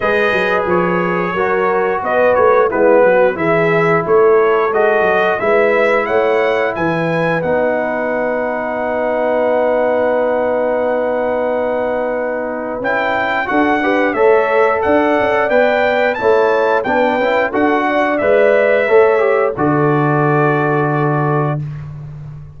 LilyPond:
<<
  \new Staff \with { instrumentName = "trumpet" } { \time 4/4 \tempo 4 = 89 dis''4 cis''2 dis''8 cis''8 | b'4 e''4 cis''4 dis''4 | e''4 fis''4 gis''4 fis''4~ | fis''1~ |
fis''2. g''4 | fis''4 e''4 fis''4 g''4 | a''4 g''4 fis''4 e''4~ | e''4 d''2. | }
  \new Staff \with { instrumentName = "horn" } { \time 4/4 b'2 ais'4 b'4 | e'8 fis'8 gis'4 a'2 | b'4 cis''4 b'2~ | b'1~ |
b'1 | a'8 b'8 cis''4 d''2 | cis''4 b'4 a'8 d''4. | cis''4 a'2. | }
  \new Staff \with { instrumentName = "trombone" } { \time 4/4 gis'2 fis'2 | b4 e'2 fis'4 | e'2. dis'4~ | dis'1~ |
dis'2. e'4 | fis'8 g'8 a'2 b'4 | e'4 d'8 e'8 fis'4 b'4 | a'8 g'8 fis'2. | }
  \new Staff \with { instrumentName = "tuba" } { \time 4/4 gis8 fis8 f4 fis4 b8 a8 | gis8 fis8 e4 a4 gis8 fis8 | gis4 a4 e4 b4~ | b1~ |
b2. cis'4 | d'4 a4 d'8 cis'8 b4 | a4 b8 cis'8 d'4 gis4 | a4 d2. | }
>>